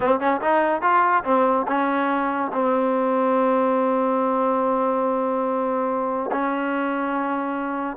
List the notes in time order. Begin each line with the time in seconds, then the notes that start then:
0.00 C4
0.20 C#4
0.41 D#4
0.81 F4
1.24 C4
1.67 C#4
2.52 C4
6.31 C#4